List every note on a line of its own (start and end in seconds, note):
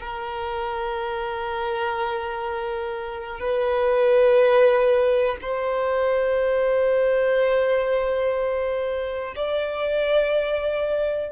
0.00 3.40 A#4
3.40 5.37 B4
5.41 9.35 C5
9.36 11.32 D5